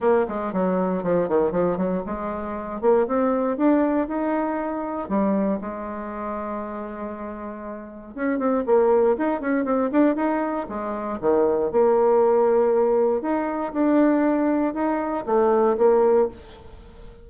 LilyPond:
\new Staff \with { instrumentName = "bassoon" } { \time 4/4 \tempo 4 = 118 ais8 gis8 fis4 f8 dis8 f8 fis8 | gis4. ais8 c'4 d'4 | dis'2 g4 gis4~ | gis1 |
cis'8 c'8 ais4 dis'8 cis'8 c'8 d'8 | dis'4 gis4 dis4 ais4~ | ais2 dis'4 d'4~ | d'4 dis'4 a4 ais4 | }